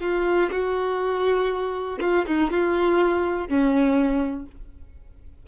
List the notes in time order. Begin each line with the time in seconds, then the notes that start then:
0.00 F4
0.51 F#4
2.00 F4
2.27 D#4
2.50 F4
3.48 C#4